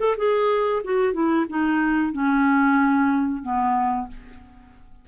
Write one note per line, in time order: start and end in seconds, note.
0.00 0.16 A4
0.17 0.82 G#4
0.84 1.13 F#4
1.13 1.46 E4
1.49 2.13 D#4
2.13 3.43 C#4
3.43 4.08 B3